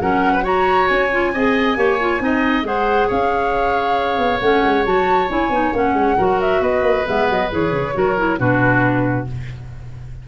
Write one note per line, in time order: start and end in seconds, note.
0.00 0.88 F#3
0.00 0.42 C#4
0.00 0.32 A#4
0.00 0.45 F#5
0.32 0.43 B4
0.42 1.08 F#4
0.42 1.31 C#5
0.42 0.87 A#5
0.87 1.34 C#4
0.87 2.63 G#5
1.11 1.33 F4
1.33 1.76 C4
1.33 1.76 G#4
1.33 1.77 D#5
1.76 2.20 A#3
1.76 1.98 G4
1.76 2.21 C#5
2.00 2.19 F4
2.19 2.63 C4
2.19 2.63 D#4
2.19 2.67 D#5
2.63 3.07 G#3
2.63 4.40 G#4
2.63 3.07 C5
2.63 3.09 F#5
3.07 4.18 C#4
3.07 6.16 C#5
3.07 4.40 F5
4.18 4.40 B3
4.40 4.63 A3
4.40 4.85 C#4
4.40 4.84 F#5
4.63 4.85 G#3
4.85 5.29 F#3
4.85 5.28 F#4
4.85 5.30 A5
5.28 5.49 C#4
5.28 5.50 E4
5.28 5.75 G#5
5.49 5.72 B3
5.49 5.73 D#4
5.72 5.93 A#3
5.72 6.17 C#4
5.72 6.41 F#5
5.93 6.15 G#3
6.17 6.60 F#3
6.17 7.05 F#4
6.17 6.61 A#4
6.41 6.62 E5
6.60 6.82 B3
6.60 7.94 B4
6.60 7.07 D#5
6.82 7.04 A#3
7.05 7.29 G#3
7.05 7.49 B3
7.05 7.29 E5
7.29 7.51 F#3
7.29 7.52 D#5
7.50 7.72 E3
7.50 7.93 G#4
7.50 8.38 C#5
7.72 7.94 C#3
7.93 8.39 F#3
7.93 8.15 F#4
7.93 8.39 A#4
8.17 8.38 E4
8.38 9.27 B2
8.38 9.26 D4
8.38 9.27 F#4
8.38 9.27 B4